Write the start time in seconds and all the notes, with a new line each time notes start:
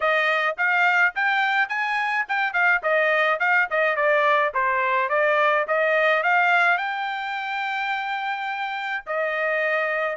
0.00 D#5
0.57 F5
1.15 G5
1.69 G#5
2.28 G5
2.53 F5
2.83 D#5
3.39 F5
3.70 D#5
3.95 D5
4.54 C5
5.09 D5
5.67 D#5
6.23 F5
6.77 G5
9.06 D#5